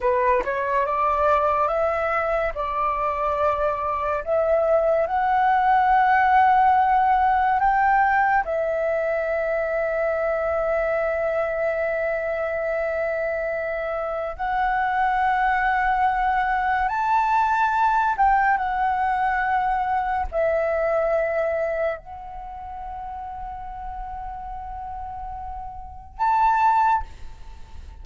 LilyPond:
\new Staff \with { instrumentName = "flute" } { \time 4/4 \tempo 4 = 71 b'8 cis''8 d''4 e''4 d''4~ | d''4 e''4 fis''2~ | fis''4 g''4 e''2~ | e''1~ |
e''4 fis''2. | a''4. g''8 fis''2 | e''2 fis''2~ | fis''2. a''4 | }